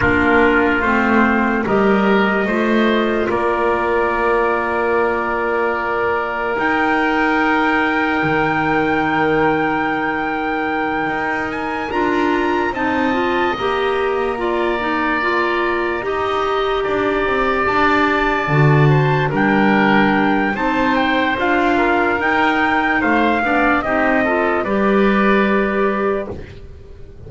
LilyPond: <<
  \new Staff \with { instrumentName = "trumpet" } { \time 4/4 \tempo 4 = 73 ais'4 c''4 dis''2 | d''1 | g''1~ | g''2 gis''8 ais''4 a''8~ |
a''8 ais''2.~ ais''8~ | ais''4. a''2 g''8~ | g''4 a''8 g''8 f''4 g''4 | f''4 dis''4 d''2 | }
  \new Staff \with { instrumentName = "oboe" } { \time 4/4 f'2 ais'4 c''4 | ais'1~ | ais'1~ | ais'2.~ ais'8 dis''8~ |
dis''4. d''2 dis''8~ | dis''8 d''2~ d''8 c''8 ais'8~ | ais'4 c''4. ais'4. | c''8 d''8 g'8 a'8 b'2 | }
  \new Staff \with { instrumentName = "clarinet" } { \time 4/4 d'4 c'4 g'4 f'4~ | f'1 | dis'1~ | dis'2~ dis'8 f'4 dis'8 |
f'8 g'4 f'8 dis'8 f'4 g'8~ | g'2~ g'8 fis'4 d'8~ | d'4 dis'4 f'4 dis'4~ | dis'8 d'8 dis'8 f'8 g'2 | }
  \new Staff \with { instrumentName = "double bass" } { \time 4/4 ais4 a4 g4 a4 | ais1 | dis'2 dis2~ | dis4. dis'4 d'4 c'8~ |
c'8 ais2. dis'8~ | dis'8 d'8 c'8 d'4 d4 g8~ | g4 c'4 d'4 dis'4 | a8 b8 c'4 g2 | }
>>